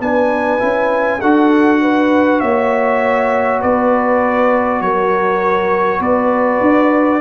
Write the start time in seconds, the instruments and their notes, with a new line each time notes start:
0.00 tuba B3, trombone D4, horn B4, trumpet G#5
0.59 tuba C#4, trombone E4
1.21 tuba D4, trombone F#4, horn A4, trumpet F#5
1.82 horn B4
2.40 tuba A#3, horn C#5, trumpet E5
3.61 tuba B3, horn B4, trumpet D5
4.81 tuba F#3, horn A#4, trumpet C#5
6.00 tuba B3, horn B4, trumpet D5
6.61 tuba D4